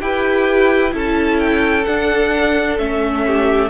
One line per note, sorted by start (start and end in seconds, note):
0.00 0.93 E4
0.00 0.90 G4
0.00 0.93 B4
0.00 0.92 G5
0.90 1.86 C#4
0.90 1.82 E4
0.90 3.24 A4
0.97 1.39 A5
1.39 1.84 G5
1.84 2.78 D4
1.84 2.77 F#5
2.78 3.69 A3
2.78 3.69 C#4
2.78 3.69 E5
3.26 3.69 G4